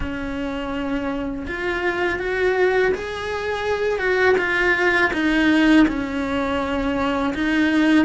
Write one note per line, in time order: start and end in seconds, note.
0.00 1.46 C#4
1.47 2.19 F4
2.19 2.92 F#4
2.94 3.98 G#4
3.98 4.35 F#4
4.37 5.11 F4
5.13 5.86 D#4
5.87 7.34 C#4
7.34 8.05 D#4